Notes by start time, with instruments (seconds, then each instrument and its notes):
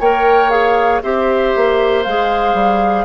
0.00 bassoon A#3, clarinet A#4, oboe C#5, flute G5
0.50 clarinet G#4, flute F5
1.02 bassoon C4, clarinet G4, oboe C5, flute E5
1.56 bassoon A#3
2.03 bassoon G#3, clarinet G#4, flute F5
2.54 bassoon G3